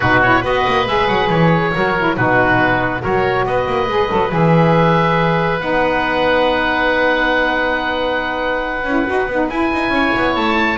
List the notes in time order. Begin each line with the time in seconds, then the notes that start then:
0.00 B2 D#4 F#4 B4
0.22 E4 C#5
0.40 B3 F#4 B4 D#5
0.66 A#3
0.86 G#3 G#4 E5
1.07 F#3 F#5
1.29 E3 C#5
1.74 F#3 F#4 A#4
1.98 E4
2.16 B2 D#4 F#4 B4
3.00 F#3 F#4 A#4 C#5
3.45 B3 B4 D#5
3.66 A#3
3.88 G#3 G#4
4.08 F#3 A4
4.29 E3 G#4 E5
5.59 B3 D#4 F#5
8.83 C#4 E4
9.07 D#4 F#4
9.27 B3 D#4
9.49 E4 G#5
9.72 D#4
9.89 C#4 C#5
10.16 B3
10.35 A3 A5